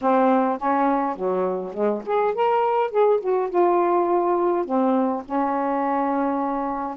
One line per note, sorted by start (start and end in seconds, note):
0.01 0.58 C4
0.58 1.15 C#4
1.15 1.73 F#3
1.73 2.02 G#3
2.05 2.34 G#4
2.34 2.90 A#4
2.90 3.20 G#4
3.20 3.49 F#4
3.50 4.65 F4
4.65 5.23 C4
5.25 6.97 C#4